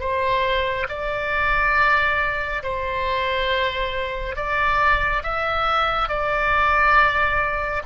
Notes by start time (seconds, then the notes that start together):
0.00 C5
0.89 D5
2.63 C5
4.36 D5
5.23 E5
6.09 D5